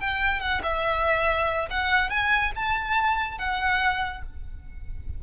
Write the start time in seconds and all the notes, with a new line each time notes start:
0.00 G5
0.40 F#5
0.63 E5
1.70 F#5
2.10 G#5
2.55 A5
3.38 F#5